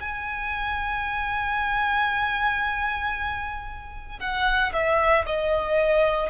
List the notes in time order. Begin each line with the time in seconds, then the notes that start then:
0.00 G#5
4.20 F#5
4.73 E5
5.26 D#5